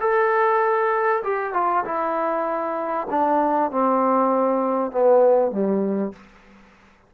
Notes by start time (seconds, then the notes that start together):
0.00 A4
1.23 G4
1.53 F4
1.85 E4
3.10 D4
3.71 C4
4.91 B3
5.51 G3